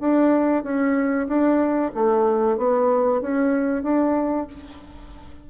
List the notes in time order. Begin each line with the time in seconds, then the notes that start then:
0.00 D4
0.64 C#4
1.28 D4
1.94 A3
2.57 B3
3.21 C#4
3.83 D4